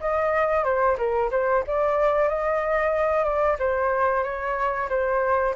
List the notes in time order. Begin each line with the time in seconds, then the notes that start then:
0.00 D#5
0.64 C5
0.98 A#4
1.31 C5
1.67 D5
2.29 D#5
3.24 D5
3.59 C5
4.24 C#5
4.89 C5